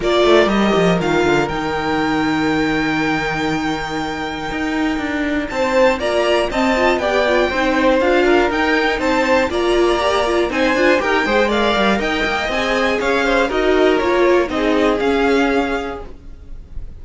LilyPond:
<<
  \new Staff \with { instrumentName = "violin" } { \time 4/4 \tempo 4 = 120 d''4 dis''4 f''4 g''4~ | g''1~ | g''2. a''4 | ais''4 a''4 g''2 |
f''4 g''4 a''4 ais''4~ | ais''4 gis''4 g''4 f''4 | g''4 gis''4 f''4 dis''4 | cis''4 dis''4 f''2 | }
  \new Staff \with { instrumentName = "violin" } { \time 4/4 ais'1~ | ais'1~ | ais'2. c''4 | d''4 dis''4 d''4 c''4~ |
c''8 ais'4. c''4 d''4~ | d''4 c''4 ais'8 c''8 d''4 | dis''2 cis''8 c''8 ais'4~ | ais'4 gis'2. | }
  \new Staff \with { instrumentName = "viola" } { \time 4/4 f'4 g'4 f'4 dis'4~ | dis'1~ | dis'1 | f'4 c'8 f'8 g'8 f'8 dis'4 |
f'4 dis'2 f'4 | g'8 f'8 dis'8 f'8 g'8 gis'8 ais'4~ | ais'4 gis'2 fis'4 | f'4 dis'4 cis'2 | }
  \new Staff \with { instrumentName = "cello" } { \time 4/4 ais8 a8 g8 f8 dis8 d8 dis4~ | dis1~ | dis4 dis'4 d'4 c'4 | ais4 c'4 b4 c'4 |
d'4 dis'4 c'4 ais4~ | ais4 c'8 d'8 dis'8 gis4 g8 | dis'8 ais8 c'4 cis'4 dis'4 | ais4 c'4 cis'2 | }
>>